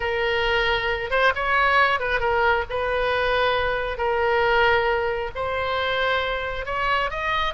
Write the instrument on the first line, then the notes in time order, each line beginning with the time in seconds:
oboe
0.00 A#4
1.10 C5
1.35 C#5
1.99 B4
2.20 A#4
2.69 B4
3.97 A#4
5.35 C5
6.65 C#5
7.10 D#5